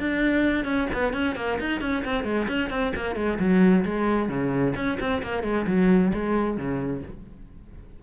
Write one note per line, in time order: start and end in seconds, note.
0.00 0.65 D4
0.65 0.88 C#4
0.94 1.13 B3
1.13 1.36 C#4
1.36 1.59 A#3
1.60 1.81 D#4
1.81 2.04 C#4
2.05 2.24 C4
2.24 2.47 G#3
2.49 2.70 C#4
2.70 2.93 C4
2.96 3.16 A#3
3.16 3.39 G#3
3.39 3.85 F#3
3.85 4.29 G#3
4.29 4.75 C#3
4.76 4.99 C#4
5.00 5.23 C4
5.23 5.43 A#3
5.43 5.66 G#3
5.67 6.13 F#3
6.14 6.57 G#3
6.57 7.03 C#3